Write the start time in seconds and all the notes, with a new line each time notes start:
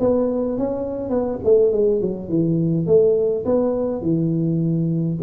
0.00 B3
0.58 C#4
1.10 B3
1.44 A3
1.72 G#3
2.02 F#3
2.29 E3
2.87 A3
3.46 B3
4.02 E3